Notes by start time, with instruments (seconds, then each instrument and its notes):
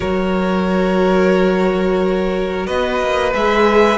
0.00 cello F#3, viola F#4, violin A#4 C#5
2.66 cello B3, violin B4 D#5
3.00 cello A#3
3.33 cello G#3, viola G#4, violin E5